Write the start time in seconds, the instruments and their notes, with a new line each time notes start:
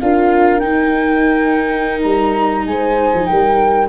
0.00 tuba D4, viola F4, horn A#4, flute F5
0.59 viola D#4, tuba D#4, flute G5
2.02 tuba G3, flute A#5
2.66 tuba G#3, horn C5, flute G#5
3.14 tuba F3
3.26 tuba G3, horn A#4, flute G5